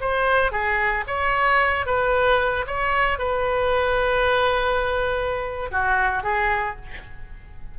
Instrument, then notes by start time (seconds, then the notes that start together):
oboe
0.00 C5
0.51 G#4
1.07 C#5
1.86 B4
2.66 C#5
3.18 B4
5.71 F#4
6.23 G#4